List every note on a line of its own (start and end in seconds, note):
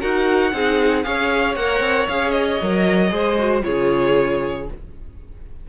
0.00 0.53 D#4
0.00 0.52 F#4
0.00 0.52 A#4
0.00 1.03 F#5
0.52 1.05 C4
0.52 1.03 D#4
0.52 1.06 G#4
1.03 1.56 C#4
1.03 1.56 G#4
1.03 3.13 C#5
1.03 1.55 F5
1.56 1.80 A#3
1.56 2.09 A#4
1.56 2.07 F#5
1.80 2.06 C4
2.09 2.61 C#4
2.09 2.61 G#4
2.09 2.31 F5
2.31 3.60 D#5
2.62 3.12 F#3
2.62 3.10 A#4
3.10 3.64 G#3
3.10 3.36 G#4
3.10 3.65 C5
3.39 3.63 F#4
3.63 4.69 C#3
3.63 4.66 F4
3.63 4.69 G#4
3.63 4.67 C#5